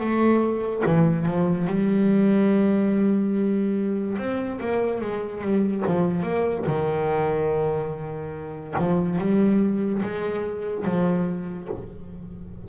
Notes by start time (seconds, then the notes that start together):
0.00 A3
0.86 E3
1.26 F3
1.67 G3
4.19 C4
4.61 A#3
5.02 G#3
5.41 G3
5.87 F3
6.23 A#3
6.67 D#3
8.78 F3
9.19 G3
10.03 G#3
10.85 F3